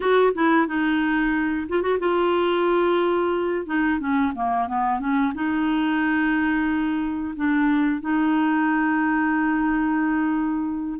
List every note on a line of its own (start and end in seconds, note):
0.00 0.33 F#4
0.34 0.67 E4
0.67 1.67 D#4
1.68 1.82 F4
1.82 1.98 F#4
1.99 3.65 F4
3.66 3.99 D#4
3.99 4.32 C#4
4.34 4.67 A#3
4.67 4.99 B3
4.99 5.32 C#4
5.34 7.34 D#4
7.36 8.00 D4
8.00 10.99 D#4